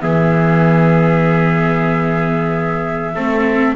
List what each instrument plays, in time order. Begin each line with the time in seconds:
0.00 double bass E3, viola B3, trumpet G#4, flute E5
3.15 double bass A3, viola C4, trumpet A4